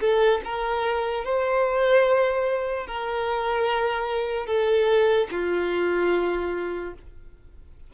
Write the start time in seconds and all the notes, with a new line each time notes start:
0.00 A4
0.44 A#4
1.24 C5
2.87 A#4
4.46 A4
5.31 F4